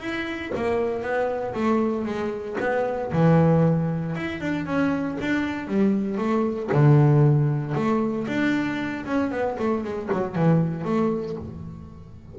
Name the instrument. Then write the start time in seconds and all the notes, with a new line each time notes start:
double bass
0.00 E4
0.55 A#3
1.02 B3
1.54 A3
2.05 G#3
2.60 B3
3.12 E3
4.15 E4
4.40 D4
4.66 C#4
5.21 D4
5.67 G3
6.18 A3
6.72 D3
7.75 A3
8.27 D4
9.06 C#4
9.31 B3
9.58 A3
9.83 G#3
10.12 F#3
10.35 E3
10.84 A3